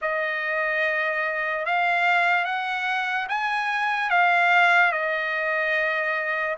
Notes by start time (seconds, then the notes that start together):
0.01 D#5
1.65 F5
2.44 F#5
3.28 G#5
4.10 F5
4.91 D#5